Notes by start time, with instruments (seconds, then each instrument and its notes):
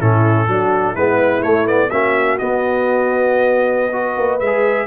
0.00 tuba A2, trombone C#4, horn E4, trumpet A4
0.49 tuba F#3, trombone D4, horn F#4
0.94 tuba G#3, trombone B3, horn E4, trumpet B4
1.43 trombone A3, tuba A3, trumpet C#5
1.66 trombone B3, trumpet D5
1.90 tuba A#3, trombone C#4, horn F#4, trumpet E5
2.39 trombone B3, tuba B3, trumpet D#5
3.93 trombone F#4, horn B4
4.18 tuba A#3
4.40 tuba G#3, trumpet E5
4.46 trombone G#4